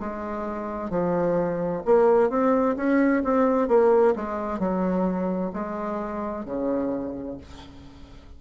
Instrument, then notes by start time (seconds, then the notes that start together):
bassoon
0.00 G#3
0.90 F3
1.85 A#3
2.30 C4
2.77 C#4
3.24 C4
3.68 A#3
4.15 G#3
4.59 F#3
5.53 G#3
6.45 C#3